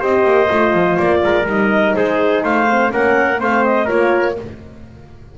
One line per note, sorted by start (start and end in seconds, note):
0.00 0.25 C4
0.00 0.48 G4
0.00 1.21 C5
0.00 0.98 D#5
0.25 0.49 A#3
0.49 0.74 A3
0.49 1.46 F4
0.74 0.98 F3
0.98 1.24 A#3
0.98 1.47 D5
1.24 1.46 G#3
1.24 1.96 A#4
1.46 1.95 G3
1.46 2.69 D#4
1.46 1.94 D#5
1.94 2.44 G#3
1.94 2.44 G#4
1.94 2.43 C5
2.43 2.92 A3
2.43 2.92 C5
2.43 2.92 F5
2.71 2.89 C4
2.89 3.41 A#3
2.89 3.37 C#4
2.89 3.40 A#4
2.89 3.41 F#5
3.39 3.89 A3
3.39 3.88 C4
3.39 3.85 C5
3.39 3.64 F5
3.64 3.89 D#5
3.85 4.38 A#3
3.85 4.36 F4
3.85 4.34 A#4
3.85 4.37 C#5